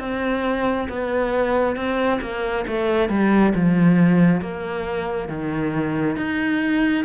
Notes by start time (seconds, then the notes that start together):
0.00 C4
0.89 B3
1.76 C4
2.21 A#3
2.67 A3
3.09 G3
3.55 F3
4.42 A#3
5.28 D#3
6.16 D#4